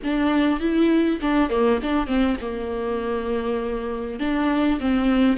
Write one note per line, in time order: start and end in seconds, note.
0.03 0.60 D4
0.60 1.20 E4
1.21 1.49 D4
1.49 1.79 A#3
1.82 2.06 D4
2.06 2.36 C4
2.41 4.19 A#3
4.19 4.79 D4
4.80 5.37 C4